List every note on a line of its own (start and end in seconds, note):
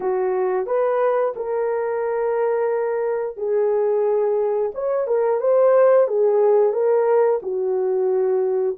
0.00 0.66 F#4
0.66 1.34 B4
1.35 3.36 A#4
3.36 4.71 G#4
4.74 5.07 C#5
5.07 5.40 A#4
5.40 6.07 C5
6.07 6.72 G#4
6.72 7.40 A#4
7.42 8.77 F#4